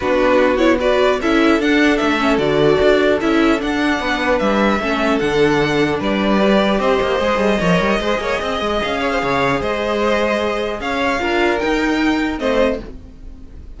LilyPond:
<<
  \new Staff \with { instrumentName = "violin" } { \time 4/4 \tempo 4 = 150 b'4. cis''8 d''4 e''4 | fis''4 e''4 d''2 | e''4 fis''2 e''4~ | e''4 fis''2 d''4~ |
d''4 dis''2.~ | dis''2 f''2 | dis''2. f''4~ | f''4 g''2 dis''4 | }
  \new Staff \with { instrumentName = "violin" } { \time 4/4 fis'2 b'4 a'4~ | a'1~ | a'2 b'2 | a'2. b'4~ |
b'4 c''2 cis''4 | c''8 cis''8 dis''4. cis''16 c''16 cis''4 | c''2. cis''4 | ais'2. c''4 | }
  \new Staff \with { instrumentName = "viola" } { \time 4/4 d'4. e'8 fis'4 e'4 | d'4. cis'8 fis'2 | e'4 d'2. | cis'4 d'2. |
g'2 gis'4 ais'4 | gis'1~ | gis'1 | f'4 dis'2 c'4 | }
  \new Staff \with { instrumentName = "cello" } { \time 4/4 b2. cis'4 | d'4 a4 d4 d'4 | cis'4 d'4 b4 g4 | a4 d2 g4~ |
g4 c'8 ais8 gis8 g8 f8 g8 | gis8 ais8 c'8 gis8 cis'4 cis4 | gis2. cis'4 | d'4 dis'2 a4 | }
>>